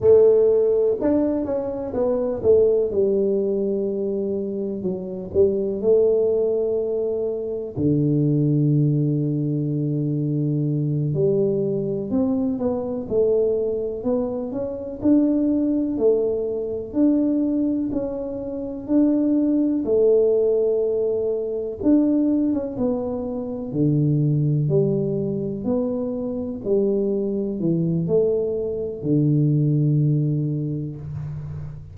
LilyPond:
\new Staff \with { instrumentName = "tuba" } { \time 4/4 \tempo 4 = 62 a4 d'8 cis'8 b8 a8 g4~ | g4 fis8 g8 a2 | d2.~ d8 g8~ | g8 c'8 b8 a4 b8 cis'8 d'8~ |
d'8 a4 d'4 cis'4 d'8~ | d'8 a2 d'8. cis'16 b8~ | b8 d4 g4 b4 g8~ | g8 e8 a4 d2 | }